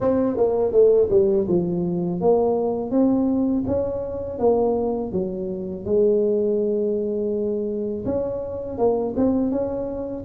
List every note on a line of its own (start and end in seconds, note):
0.00 0.37 C4
0.37 0.72 A#3
0.72 1.08 A3
1.10 1.47 G3
1.48 2.21 F3
2.21 2.91 A#3
2.91 3.64 C4
3.67 4.38 C#4
4.38 5.12 A#3
5.12 5.85 F#3
5.85 8.05 G#3
8.05 8.78 C#4
8.78 9.14 A#3
9.16 9.51 C4
9.51 10.24 C#4